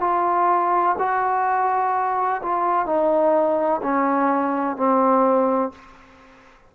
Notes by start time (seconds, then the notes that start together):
0.00 F4
0.98 F#4
2.42 F4
2.85 D#4
3.82 C#4
4.76 C4